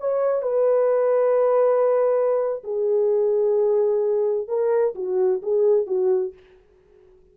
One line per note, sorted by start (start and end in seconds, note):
0.00 0.42 C#5
0.42 2.63 B4
2.64 4.48 G#4
4.48 4.95 A#4
4.96 5.42 F#4
5.42 5.87 G#4
5.87 6.34 F#4